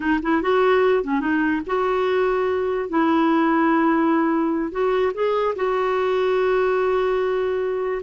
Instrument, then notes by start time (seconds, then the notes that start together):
clarinet
0.00 D#4
0.22 E4
0.42 F#4
1.03 C#4
1.20 D#4
1.66 F#4
2.89 E4
4.71 F#4
5.14 G#4
5.55 F#4